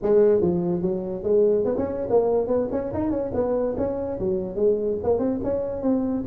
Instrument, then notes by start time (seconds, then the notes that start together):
tuba
0.02 G#3
0.41 F3
0.81 F#3
1.23 G#3
1.64 B3
1.77 C#4
2.09 A#3
2.47 B3
2.71 C#4
2.93 D#4
3.10 C#4
3.34 B3
3.77 C#4
4.19 F#3
4.55 G#3
5.03 A#3
5.18 C4
5.43 C#4
5.82 C4